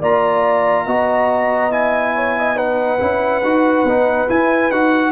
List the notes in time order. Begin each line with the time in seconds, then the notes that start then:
0.00 A#3 F4 D5 A#5
0.86 B3 F#4 D#5
1.71 E4 G#5
2.15 C#5
2.39 D#5
2.56 D#4 B4 F#5
3.00 C#4 E4
3.43 D#4 F#4
3.84 B3 D#4
4.28 E4 G#5
4.71 D#4 F#4 F#5